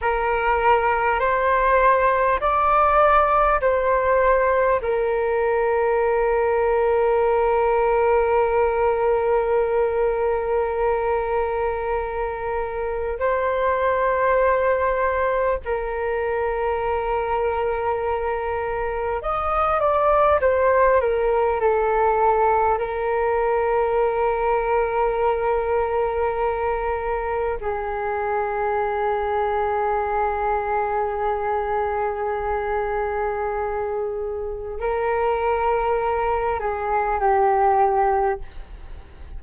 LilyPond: \new Staff \with { instrumentName = "flute" } { \time 4/4 \tempo 4 = 50 ais'4 c''4 d''4 c''4 | ais'1~ | ais'2. c''4~ | c''4 ais'2. |
dis''8 d''8 c''8 ais'8 a'4 ais'4~ | ais'2. gis'4~ | gis'1~ | gis'4 ais'4. gis'8 g'4 | }